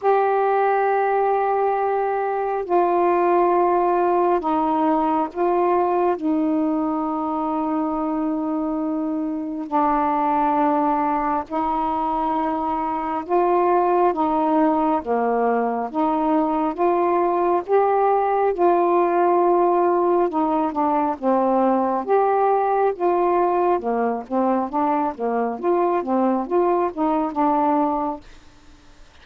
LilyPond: \new Staff \with { instrumentName = "saxophone" } { \time 4/4 \tempo 4 = 68 g'2. f'4~ | f'4 dis'4 f'4 dis'4~ | dis'2. d'4~ | d'4 dis'2 f'4 |
dis'4 ais4 dis'4 f'4 | g'4 f'2 dis'8 d'8 | c'4 g'4 f'4 ais8 c'8 | d'8 ais8 f'8 c'8 f'8 dis'8 d'4 | }